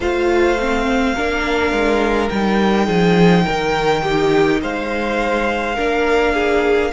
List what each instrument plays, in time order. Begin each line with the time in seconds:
0.00 cello A3, viola F4, violin C5 F5
0.59 viola C4
1.14 cello A#3, viola D4, violin A#4
1.72 cello G#3
2.29 cello G3, viola D#4, violin G5
2.86 cello F3, violin G#4
3.44 cello D#3, violin A#4
4.02 violin G4
4.61 cello G#3, violin C5 F5
5.75 cello A#3, viola D4, violin A#4
6.33 violin G#4